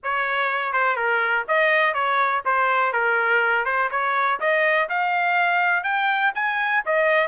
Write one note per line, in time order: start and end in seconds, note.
0.03 0.73 C#5
0.73 0.96 C5
0.96 1.45 A#4
1.48 1.94 D#5
1.94 2.42 C#5
2.45 2.92 C5
2.92 3.65 A#4
3.65 3.89 C5
3.90 4.39 C#5
4.39 4.88 D#5
4.89 5.83 F5
5.83 6.32 G5
6.34 6.83 G#5
6.85 7.27 D#5